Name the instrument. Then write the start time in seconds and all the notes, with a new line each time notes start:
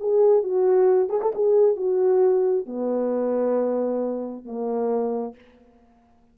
horn
0.00 G#4
0.43 F#4
1.09 G#4
1.22 A4
1.35 G#4
1.76 F#4
2.66 B3
4.45 A#3